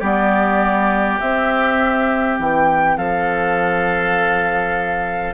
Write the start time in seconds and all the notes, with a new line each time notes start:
0.00 G3 B3 G4 D5
1.20 C4 E5
2.39 E3 G5
2.98 F3 A4 F5